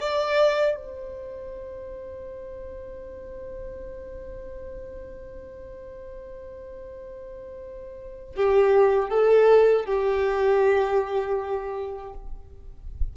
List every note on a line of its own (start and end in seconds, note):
0.00 0.76 D5
0.76 8.35 C5
8.36 9.09 G4
9.09 9.85 A4
9.85 12.13 G4